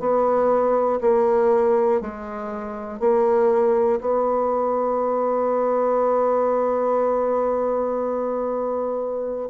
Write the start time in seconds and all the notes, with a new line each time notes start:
0.00 B3
1.01 A#3
2.01 G#3
3.00 A#3
4.01 B3